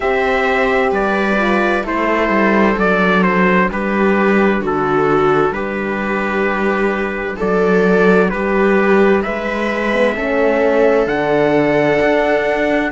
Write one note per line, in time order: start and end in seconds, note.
0.00 0.91 C4
0.00 1.37 G4
0.00 0.91 C5
0.00 0.92 E5
0.91 1.84 G3
0.91 1.83 B4
0.91 1.86 D5
1.38 1.83 F4
1.83 2.29 A3
1.83 2.75 E4
1.83 3.68 A4
1.83 2.79 C5
2.29 2.75 G3
2.75 3.69 F#3
2.75 9.90 D4
2.75 3.23 D5
3.23 3.69 C5
3.70 4.60 G3
3.70 4.60 G4
3.70 4.64 B4
4.60 5.50 D3
4.60 5.52 F#4
4.60 5.53 A4
5.50 7.35 G3
5.50 7.36 G4
5.50 7.37 B4
7.36 8.32 F#3
7.36 8.28 A4
7.36 8.29 D5
8.29 9.24 G3
8.29 9.22 G4
8.29 9.22 B4
9.22 10.16 G#3
9.22 10.15 B4
9.22 11.07 E5
9.92 10.15 B3
10.15 11.06 A3
10.15 11.07 C#4
10.15 12.92 A4
11.06 11.98 D3
11.06 12.92 D4
11.06 12.92 F#5
12.01 12.92 D4